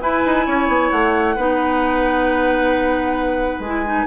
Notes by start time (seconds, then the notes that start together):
0.00 E4 B4 G#5
0.26 D#4
0.46 C#4 C#5
0.68 B3
0.90 A3 F#5
1.35 B3 D#4 B4
3.59 G#3 E4 G#5
3.85 D#4